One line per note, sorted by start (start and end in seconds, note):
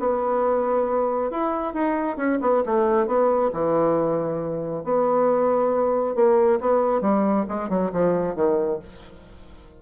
0.00 1.31 B3
1.31 1.74 E4
1.74 2.17 D#4
2.17 2.39 C#4
2.42 2.64 B3
2.66 3.07 A3
3.07 3.51 B3
3.53 4.84 E3
4.84 6.15 B3
6.15 6.60 A#3
6.61 7.02 B3
7.02 7.46 G3
7.49 7.69 G#3
7.69 7.92 F#3
7.93 8.35 F3
8.35 8.80 D#3